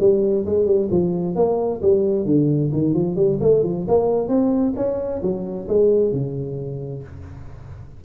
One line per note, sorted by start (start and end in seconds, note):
0.00 0.45 G3
0.46 0.66 G#3
0.66 0.89 G3
0.91 1.36 F3
1.36 1.81 A#3
1.82 2.26 G3
2.26 2.71 D3
2.73 2.94 D#3
2.94 3.16 F3
3.16 3.39 G3
3.41 3.64 A3
3.64 3.86 F3
3.88 4.28 A#3
4.28 4.74 C4
4.76 5.22 C#4
5.22 5.68 F#3
5.68 6.12 G#3
6.12 7.03 C#3